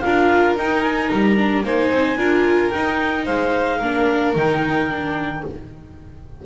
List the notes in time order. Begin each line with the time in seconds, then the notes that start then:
0.00 D4 F4 A#4 F5
0.56 D#4 G5
0.83 G#5
1.09 G3 A#5
1.37 D4
1.64 A#3 D#4 C5 G#5
1.91 C4
2.17 D4 F4 A#4
2.70 D#4 G5
3.25 G#3 C5 F5
3.78 A#3 D4 A#4
4.36 D#3 D#4 G5
4.89 D4